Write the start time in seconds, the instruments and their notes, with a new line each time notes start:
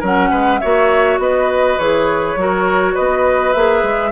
0.00 bassoon F#3, clarinet C#4, oboe A#4, flute F#5
0.31 bassoon G#3, oboe B4
0.59 bassoon A#3, clarinet F#4, oboe C#5, flute E5
1.19 bassoon B3, oboe B4, flute D#5
1.78 bassoon E3, clarinet G#4, flute C#5
2.36 bassoon F#3, clarinet F#4, oboe A#4
2.94 bassoon B3, oboe B4, flute D#5
3.53 bassoon A#3, clarinet G#4, flute E5
3.83 bassoon G#3